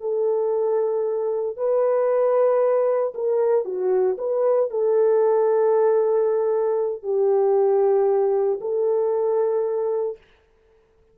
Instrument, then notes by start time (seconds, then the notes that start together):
horn
0.00 A4
1.56 B4
3.14 A#4
3.64 F#4
4.18 B4
4.70 A4
7.02 G4
8.61 A4